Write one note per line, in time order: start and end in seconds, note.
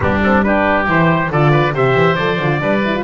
0.00 0.87 G3
0.00 0.20 B3
0.00 0.45 D4
0.00 0.22 G4
0.23 0.44 C4
0.23 0.43 A4
0.43 0.86 D4
0.43 1.31 G4
0.43 0.86 B4
0.86 1.30 E3
0.86 1.29 E4
0.86 1.32 C5
1.30 1.73 D3
1.30 1.74 F4
1.30 1.51 A4
1.30 1.75 D5
1.51 1.73 B4
1.73 1.94 C3
1.73 2.17 G4
1.73 2.61 C5
1.73 2.15 E5
1.95 2.16 E3
2.15 2.39 F3
2.15 2.40 A4
2.15 3.02 D5
2.39 2.60 D3
2.39 2.59 F4
2.59 3.03 G3
2.59 2.81 D4
2.59 3.03 B4
2.84 2.95 E4
2.95 3.03 F4